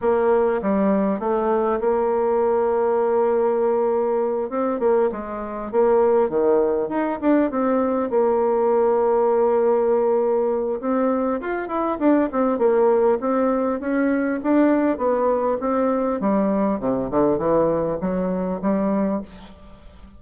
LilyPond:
\new Staff \with { instrumentName = "bassoon" } { \time 4/4 \tempo 4 = 100 ais4 g4 a4 ais4~ | ais2.~ ais8 c'8 | ais8 gis4 ais4 dis4 dis'8 | d'8 c'4 ais2~ ais8~ |
ais2 c'4 f'8 e'8 | d'8 c'8 ais4 c'4 cis'4 | d'4 b4 c'4 g4 | c8 d8 e4 fis4 g4 | }